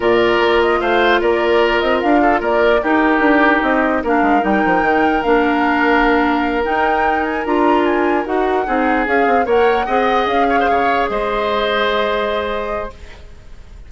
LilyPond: <<
  \new Staff \with { instrumentName = "flute" } { \time 4/4 \tempo 4 = 149 d''4. dis''8 f''4 d''4~ | d''8 dis''8 f''4 d''4 ais'4~ | ais'4 dis''4 f''4 g''4~ | g''4 f''2.~ |
f''8 g''4. gis''8 ais''4 gis''8~ | gis''8 fis''2 f''4 fis''8~ | fis''4. f''2 dis''8~ | dis''1 | }
  \new Staff \with { instrumentName = "oboe" } { \time 4/4 ais'2 c''4 ais'4~ | ais'4. a'8 ais'4 g'4~ | g'2 ais'2~ | ais'1~ |
ais'1~ | ais'4. gis'2 cis''8~ | cis''8 dis''4. cis''16 c''16 cis''4 c''8~ | c''1 | }
  \new Staff \with { instrumentName = "clarinet" } { \time 4/4 f'1~ | f'2. dis'4~ | dis'2 d'4 dis'4~ | dis'4 d'2.~ |
d'8 dis'2 f'4.~ | f'8 fis'4 dis'4 gis'4 ais'8~ | ais'8 gis'2.~ gis'8~ | gis'1 | }
  \new Staff \with { instrumentName = "bassoon" } { \time 4/4 ais,4 ais4 a4 ais4~ | ais8 c'8 d'4 ais4 dis'4 | d'4 c'4 ais8 gis8 g8 f8 | dis4 ais2.~ |
ais8 dis'2 d'4.~ | d'8 dis'4 c'4 cis'8 c'8 ais8~ | ais8 c'4 cis'4 cis4 gis8~ | gis1 | }
>>